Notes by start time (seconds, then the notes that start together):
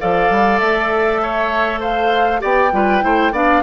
0.00 F3 A4 D5 F5
0.30 G3
0.59 A3 E5
1.22 C#5
1.80 C5 F5
2.40 B3 G4 D5 G5
2.72 G3 F4 B4
3.01 A3 E4 C5
3.32 B3 D4 D5 F5